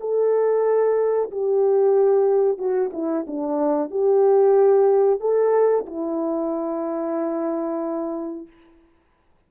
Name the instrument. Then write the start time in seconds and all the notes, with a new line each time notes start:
horn
0.00 A4
1.31 G4
2.58 F#4
2.93 E4
3.27 D4
3.91 G4
5.20 A4
5.86 E4